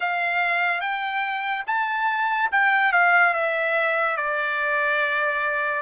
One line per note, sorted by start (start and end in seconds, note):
0.00 0.80 F5
0.80 1.64 G5
1.67 2.50 A5
2.51 2.92 G5
2.92 3.33 F5
3.33 4.16 E5
4.16 5.82 D5